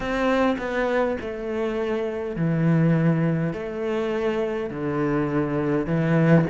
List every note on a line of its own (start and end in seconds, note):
0.00 0.56 C4
0.58 1.17 B3
1.20 2.36 A3
2.36 3.53 E3
3.53 4.70 A3
4.70 5.86 D3
5.86 6.45 E3